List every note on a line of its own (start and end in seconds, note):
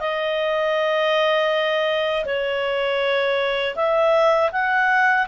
0.00 2.25 D#5
2.25 3.75 C#5
3.75 4.50 E5
4.52 5.27 F#5